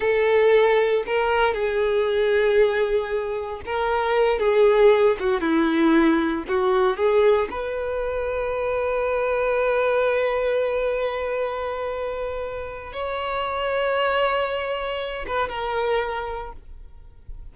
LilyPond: \new Staff \with { instrumentName = "violin" } { \time 4/4 \tempo 4 = 116 a'2 ais'4 gis'4~ | gis'2. ais'4~ | ais'8 gis'4. fis'8 e'4.~ | e'8 fis'4 gis'4 b'4.~ |
b'1~ | b'1~ | b'4 cis''2.~ | cis''4. b'8 ais'2 | }